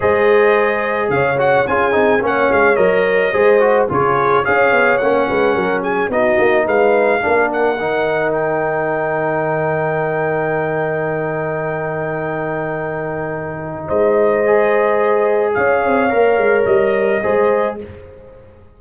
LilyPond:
<<
  \new Staff \with { instrumentName = "trumpet" } { \time 4/4 \tempo 4 = 108 dis''2 f''8 fis''8 gis''4 | fis''8 f''8 dis''2 cis''4 | f''4 fis''4. gis''8 dis''4 | f''4. fis''4. g''4~ |
g''1~ | g''1~ | g''4 dis''2. | f''2 dis''2 | }
  \new Staff \with { instrumentName = "horn" } { \time 4/4 c''2 cis''4 gis'4 | cis''2 c''4 gis'4 | cis''4. b'8 ais'8 gis'8 fis'4 | b'4 ais'2.~ |
ais'1~ | ais'1~ | ais'4 c''2. | cis''2. c''4 | }
  \new Staff \with { instrumentName = "trombone" } { \time 4/4 gis'2~ gis'8 fis'8 f'8 dis'8 | cis'4 ais'4 gis'8 fis'8 f'4 | gis'4 cis'2 dis'4~ | dis'4 d'4 dis'2~ |
dis'1~ | dis'1~ | dis'2 gis'2~ | gis'4 ais'2 gis'4 | }
  \new Staff \with { instrumentName = "tuba" } { \time 4/4 gis2 cis4 cis'8 c'8 | ais8 gis8 fis4 gis4 cis4 | cis'8 b8 ais8 gis8 fis4 b8 ais8 | gis4 ais4 dis2~ |
dis1~ | dis1~ | dis4 gis2. | cis'8 c'8 ais8 gis8 g4 gis4 | }
>>